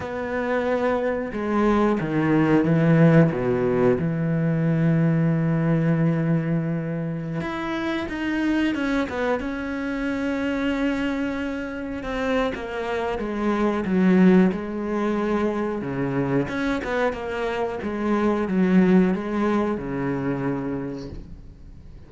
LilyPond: \new Staff \with { instrumentName = "cello" } { \time 4/4 \tempo 4 = 91 b2 gis4 dis4 | e4 b,4 e2~ | e2.~ e16 e'8.~ | e'16 dis'4 cis'8 b8 cis'4.~ cis'16~ |
cis'2~ cis'16 c'8. ais4 | gis4 fis4 gis2 | cis4 cis'8 b8 ais4 gis4 | fis4 gis4 cis2 | }